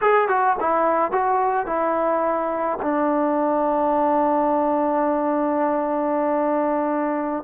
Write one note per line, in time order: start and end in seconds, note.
0.01 0.28 G#4
0.28 0.56 F#4
0.59 1.11 E4
1.11 1.66 F#4
1.66 2.78 E4
2.81 7.43 D4